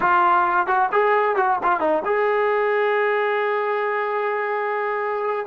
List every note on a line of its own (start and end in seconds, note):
0.00 0.67 F4
0.67 0.89 F#4
0.92 1.36 G#4
1.36 1.58 F#4
1.63 1.80 F4
1.80 2.02 D#4
2.05 5.46 G#4